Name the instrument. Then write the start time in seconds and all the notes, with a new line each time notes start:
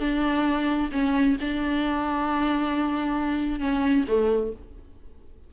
viola
0.00 D4
0.92 C#4
1.41 D4
3.60 C#4
4.08 A3